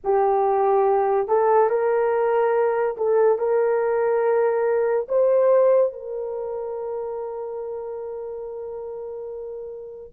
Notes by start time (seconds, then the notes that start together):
0.04 G4
1.28 A4
1.69 A#4
2.97 A4
3.38 A#4
5.08 C5
5.92 A#4